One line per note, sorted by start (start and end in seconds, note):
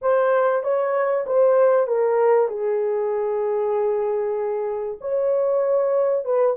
0.01 0.62 C5
0.62 1.25 C#5
1.26 1.87 C5
1.87 2.48 A#4
2.48 4.98 G#4
5.01 6.24 C#5
6.24 6.56 B4